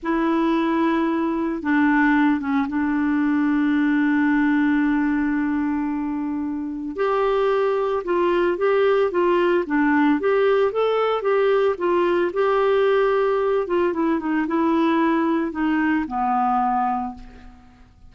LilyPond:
\new Staff \with { instrumentName = "clarinet" } { \time 4/4 \tempo 4 = 112 e'2. d'4~ | d'8 cis'8 d'2.~ | d'1~ | d'4 g'2 f'4 |
g'4 f'4 d'4 g'4 | a'4 g'4 f'4 g'4~ | g'4. f'8 e'8 dis'8 e'4~ | e'4 dis'4 b2 | }